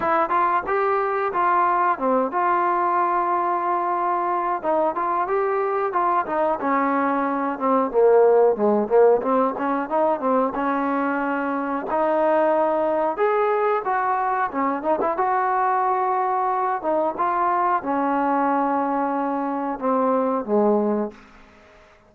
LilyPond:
\new Staff \with { instrumentName = "trombone" } { \time 4/4 \tempo 4 = 91 e'8 f'8 g'4 f'4 c'8 f'8~ | f'2. dis'8 f'8 | g'4 f'8 dis'8 cis'4. c'8 | ais4 gis8 ais8 c'8 cis'8 dis'8 c'8 |
cis'2 dis'2 | gis'4 fis'4 cis'8 dis'16 e'16 fis'4~ | fis'4. dis'8 f'4 cis'4~ | cis'2 c'4 gis4 | }